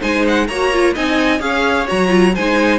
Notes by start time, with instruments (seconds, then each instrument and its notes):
0.00 cello G#3, viola D#4, violin C5 G#5
0.28 violin F#5
0.47 cello A#3, viola F#4, violin C#5 A#5
0.72 viola F4
0.94 cello C4, viola D#4, violin D#5 G#5
1.40 cello C#4, viola G#4, violin C#5 F5
1.87 cello F#3, viola F#4, violin A#5
2.09 viola F4
2.35 cello G#3, viola D#4, violin C5 G#5